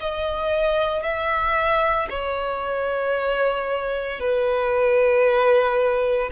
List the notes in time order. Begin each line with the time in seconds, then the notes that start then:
0.00 D#5
1.03 E5
2.10 C#5
4.20 B4